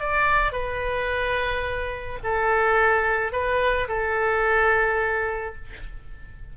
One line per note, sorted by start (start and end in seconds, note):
0.00 0.53 D5
0.53 2.19 B4
2.23 3.32 A4
3.32 3.88 B4
3.88 5.55 A4